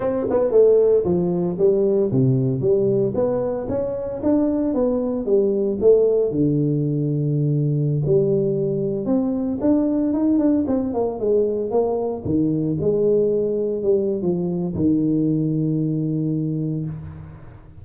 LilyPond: \new Staff \with { instrumentName = "tuba" } { \time 4/4 \tempo 4 = 114 c'8 b8 a4 f4 g4 | c4 g4 b4 cis'4 | d'4 b4 g4 a4 | d2.~ d16 g8.~ |
g4~ g16 c'4 d'4 dis'8 d'16~ | d'16 c'8 ais8 gis4 ais4 dis8.~ | dis16 gis2 g8. f4 | dis1 | }